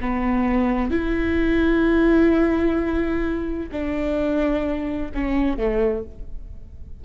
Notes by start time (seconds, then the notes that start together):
0.00 B3
0.90 E4
3.71 D4
5.14 C#4
5.57 A3